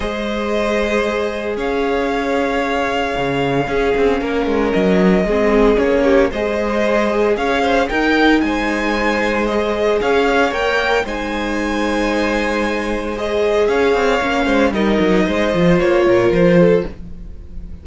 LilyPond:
<<
  \new Staff \with { instrumentName = "violin" } { \time 4/4 \tempo 4 = 114 dis''2. f''4~ | f''1~ | f''4 dis''2 cis''4 | dis''2 f''4 g''4 |
gis''2 dis''4 f''4 | g''4 gis''2.~ | gis''4 dis''4 f''2 | dis''2 cis''4 c''4 | }
  \new Staff \with { instrumentName = "violin" } { \time 4/4 c''2. cis''4~ | cis''2. gis'4 | ais'2 gis'4. g'8 | c''2 cis''8 c''8 ais'4 |
c''2. cis''4~ | cis''4 c''2.~ | c''2 cis''4. c''8 | ais'4 c''4. ais'4 a'8 | }
  \new Staff \with { instrumentName = "viola" } { \time 4/4 gis'1~ | gis'2. cis'4~ | cis'2 c'4 cis'4 | gis'2. dis'4~ |
dis'2 gis'2 | ais'4 dis'2.~ | dis'4 gis'2 cis'4 | dis'4. f'2~ f'8 | }
  \new Staff \with { instrumentName = "cello" } { \time 4/4 gis2. cis'4~ | cis'2 cis4 cis'8 c'8 | ais8 gis8 fis4 gis4 ais4 | gis2 cis'4 dis'4 |
gis2. cis'4 | ais4 gis2.~ | gis2 cis'8 c'8 ais8 gis8 | g8 fis8 gis8 f8 ais8 ais,8 f4 | }
>>